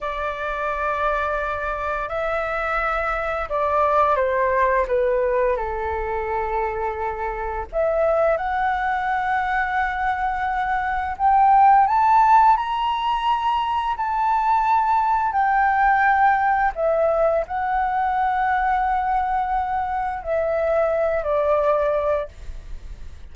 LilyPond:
\new Staff \with { instrumentName = "flute" } { \time 4/4 \tempo 4 = 86 d''2. e''4~ | e''4 d''4 c''4 b'4 | a'2. e''4 | fis''1 |
g''4 a''4 ais''2 | a''2 g''2 | e''4 fis''2.~ | fis''4 e''4. d''4. | }